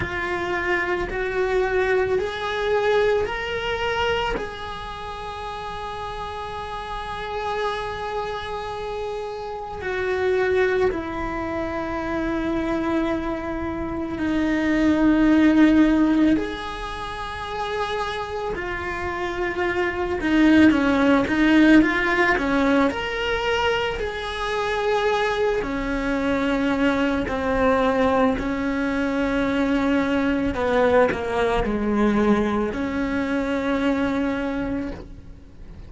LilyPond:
\new Staff \with { instrumentName = "cello" } { \time 4/4 \tempo 4 = 55 f'4 fis'4 gis'4 ais'4 | gis'1~ | gis'4 fis'4 e'2~ | e'4 dis'2 gis'4~ |
gis'4 f'4. dis'8 cis'8 dis'8 | f'8 cis'8 ais'4 gis'4. cis'8~ | cis'4 c'4 cis'2 | b8 ais8 gis4 cis'2 | }